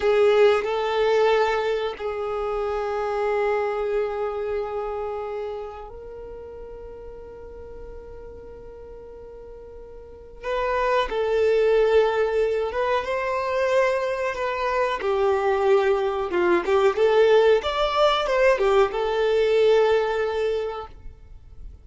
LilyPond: \new Staff \with { instrumentName = "violin" } { \time 4/4 \tempo 4 = 92 gis'4 a'2 gis'4~ | gis'1~ | gis'4 ais'2.~ | ais'1 |
b'4 a'2~ a'8 b'8 | c''2 b'4 g'4~ | g'4 f'8 g'8 a'4 d''4 | c''8 g'8 a'2. | }